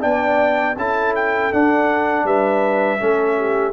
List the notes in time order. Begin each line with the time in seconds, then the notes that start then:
0.00 B3 D4 D5 G5
0.76 C#4 E4 A4 A5
1.15 G5
1.52 D4 F#5
2.23 G3 B4 E5
2.99 A3 C#4 A4
3.37 G4